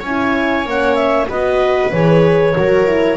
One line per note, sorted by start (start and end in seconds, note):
0.00 0.65 C#4
0.00 1.26 C#5
0.00 0.68 G#5
0.06 0.66 E4
0.65 1.28 A#3
0.65 1.29 C#4
0.65 0.95 F#5
0.95 1.26 E5
1.29 1.92 B3
1.29 1.92 F#4
1.29 2.55 B4
1.29 1.92 D#5
1.92 2.56 E3
1.92 2.55 G#4
1.92 3.17 C#5
2.55 3.17 F#3
2.55 2.87 F#4
2.55 3.17 A#4
2.87 3.17 E4